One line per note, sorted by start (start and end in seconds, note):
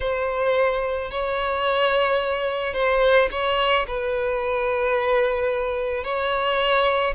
0.00 1.10 C5
1.10 2.73 C#5
2.73 3.28 C5
3.31 3.86 C#5
3.87 6.04 B4
6.04 7.14 C#5